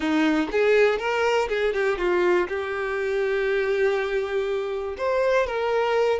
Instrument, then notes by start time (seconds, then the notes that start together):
violin
0.00 D#4
0.51 G#4
0.98 A#4
1.48 G#4
1.73 G4
1.97 F4
2.48 G4
4.97 C5
5.46 A#4